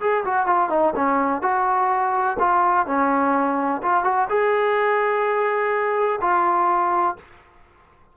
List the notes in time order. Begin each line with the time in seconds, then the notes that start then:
0.00 G#4
0.25 F#4
0.46 F4
0.69 D#4
0.95 C#4
1.42 F#4
2.39 F4
2.86 C#4
3.82 F4
4.04 F#4
4.29 G#4
6.21 F4